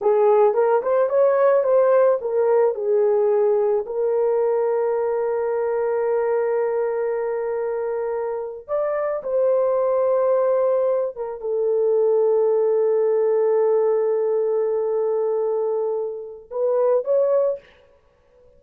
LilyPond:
\new Staff \with { instrumentName = "horn" } { \time 4/4 \tempo 4 = 109 gis'4 ais'8 c''8 cis''4 c''4 | ais'4 gis'2 ais'4~ | ais'1~ | ais'2.~ ais'8. d''16~ |
d''8. c''2.~ c''16~ | c''16 ais'8 a'2.~ a'16~ | a'1~ | a'2 b'4 cis''4 | }